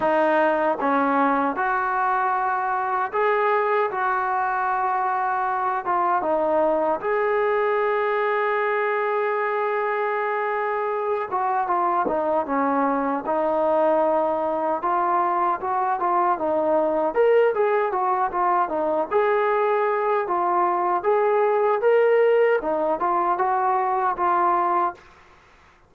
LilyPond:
\new Staff \with { instrumentName = "trombone" } { \time 4/4 \tempo 4 = 77 dis'4 cis'4 fis'2 | gis'4 fis'2~ fis'8 f'8 | dis'4 gis'2.~ | gis'2~ gis'8 fis'8 f'8 dis'8 |
cis'4 dis'2 f'4 | fis'8 f'8 dis'4 ais'8 gis'8 fis'8 f'8 | dis'8 gis'4. f'4 gis'4 | ais'4 dis'8 f'8 fis'4 f'4 | }